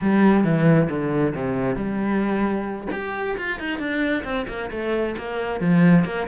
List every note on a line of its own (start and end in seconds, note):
0.01 0.44 G3
0.44 0.88 E3
0.89 1.34 D3
1.35 1.75 C3
1.75 2.87 G3
2.92 3.37 G4
3.37 3.59 F4
3.59 3.78 D#4
3.78 4.23 D4
4.24 4.46 C4
4.48 4.70 A#3
4.71 5.15 A3
5.17 5.60 A#3
5.60 6.04 F3
6.04 6.27 A#3